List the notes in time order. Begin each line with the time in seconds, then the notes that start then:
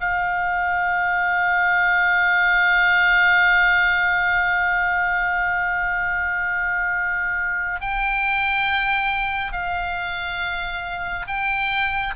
0.00 F5
7.81 G5
9.52 F5
11.27 G5